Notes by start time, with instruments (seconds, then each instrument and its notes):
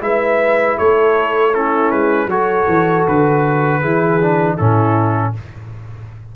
0.00 tuba G#3, trombone E4, horn B4, trumpet E5
0.77 tuba A3, horn A4, trumpet C#5
1.54 trombone C#4, horn E4, trumpet A4
1.91 tuba G#3, trumpet B4
2.26 tuba F#3, trombone F#4, horn A4, trumpet C#5
2.68 tuba E3
3.07 tuba D3, trumpet B4
3.80 tuba E3, trombone E4, horn G#4
4.21 trombone D4
4.55 tuba A2, trombone C#4, horn E4, trumpet A4